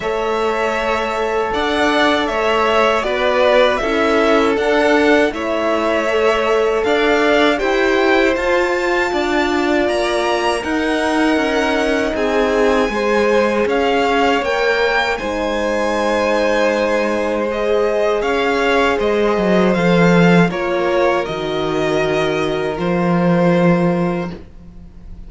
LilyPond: <<
  \new Staff \with { instrumentName = "violin" } { \time 4/4 \tempo 4 = 79 e''2 fis''4 e''4 | d''4 e''4 fis''4 e''4~ | e''4 f''4 g''4 a''4~ | a''4 ais''4 fis''2 |
gis''2 f''4 g''4 | gis''2. dis''4 | f''4 dis''4 f''4 cis''4 | dis''2 c''2 | }
  \new Staff \with { instrumentName = "violin" } { \time 4/4 cis''2 d''4 cis''4 | b'4 a'2 cis''4~ | cis''4 d''4 c''2 | d''2 ais'2 |
gis'4 c''4 cis''2 | c''1 | cis''4 c''2 ais'4~ | ais'1 | }
  \new Staff \with { instrumentName = "horn" } { \time 4/4 a'1 | fis'4 e'4 d'4 e'4 | a'2 g'4 f'4~ | f'2 dis'2~ |
dis'4 gis'2 ais'4 | dis'2. gis'4~ | gis'2 a'4 f'4 | fis'2 f'2 | }
  \new Staff \with { instrumentName = "cello" } { \time 4/4 a2 d'4 a4 | b4 cis'4 d'4 a4~ | a4 d'4 e'4 f'4 | d'4 ais4 dis'4 cis'4 |
c'4 gis4 cis'4 ais4 | gis1 | cis'4 gis8 fis8 f4 ais4 | dis2 f2 | }
>>